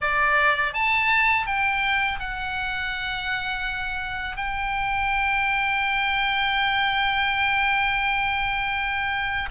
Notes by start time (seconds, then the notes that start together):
0.01 D5
0.73 A5
1.46 G5
2.20 F#5
4.36 G5